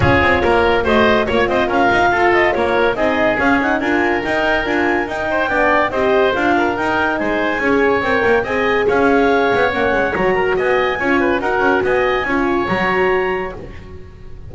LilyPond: <<
  \new Staff \with { instrumentName = "clarinet" } { \time 4/4 \tempo 4 = 142 cis''2 dis''4 cis''8 dis''8 | f''4. dis''8 cis''4 dis''4 | f''8 fis''8 gis''4 g''4 gis''4 | g''2 dis''4 f''4 |
g''4 gis''2 g''4 | gis''4 f''2 fis''4 | ais''4 gis''2 fis''4 | gis''2 ais''2 | }
  \new Staff \with { instrumentName = "oboe" } { \time 4/4 gis'4 ais'4 c''4 cis''8 c''8 | ais'4 a'4 ais'4 gis'4~ | gis'4 ais'2.~ | ais'8 c''8 d''4 c''4. ais'8~ |
ais'4 c''4 cis''2 | dis''4 cis''2.~ | cis''8 ais'8 dis''4 cis''8 b'8 ais'4 | dis''4 cis''2. | }
  \new Staff \with { instrumentName = "horn" } { \time 4/4 f'2 fis'4 f'4~ | f'2. dis'4 | cis'8 dis'8 f'4 dis'4 f'4 | dis'4 d'4 g'4 f'4 |
dis'2 gis'4 ais'4 | gis'2. cis'4 | fis'2 f'4 fis'4~ | fis'4 f'4 fis'2 | }
  \new Staff \with { instrumentName = "double bass" } { \time 4/4 cis'8 c'8 ais4 a4 ais8 c'8 | cis'8 dis'8 f'4 ais4 c'4 | cis'4 d'4 dis'4 d'4 | dis'4 b4 c'4 d'4 |
dis'4 gis4 cis'4 c'8 ais8 | c'4 cis'4. b8 ais8 gis8 | fis4 b4 cis'4 dis'8 cis'8 | b4 cis'4 fis2 | }
>>